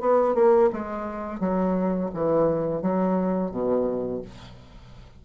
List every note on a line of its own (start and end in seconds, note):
0.00 0.35 B3
0.35 0.70 A#3
0.73 1.40 G#3
1.40 2.10 F#3
2.14 2.82 E3
2.82 3.51 F#3
3.51 4.22 B2